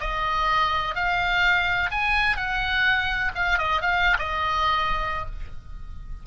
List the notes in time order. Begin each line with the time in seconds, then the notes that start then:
0.00 D#5
0.95 F5
1.91 G#5
2.36 F#5
3.35 F5
3.58 D#5
3.81 F5
4.18 D#5